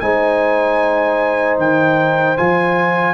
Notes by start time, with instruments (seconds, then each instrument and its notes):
0.00 tuba G#3, trombone D#4, horn C5, trumpet G#5
1.58 tuba D#3, trumpet G5
2.37 tuba F3, trombone F4, trumpet G#5